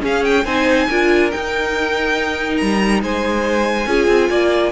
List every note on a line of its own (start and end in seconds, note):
0.00 0.43 C#4
0.00 0.45 C#4
0.00 0.45 G#4
0.00 0.24 F5
0.24 0.45 G5
0.45 0.87 C4
0.45 0.89 D#4
0.45 0.87 C5
0.45 1.30 G#5
0.88 1.32 D4
0.88 1.31 F4
0.88 3.01 A#4
1.31 3.86 D#4
1.31 2.61 D#4
1.31 2.57 G5
2.57 3.02 G3
2.57 2.99 A#5
3.02 3.86 G#3
3.02 3.87 C5
3.02 4.71 G#5
3.86 4.07 C#4
3.86 4.71 F4
3.86 4.30 G#4
4.07 4.28 C4
4.30 4.71 A#3
4.30 4.71 D5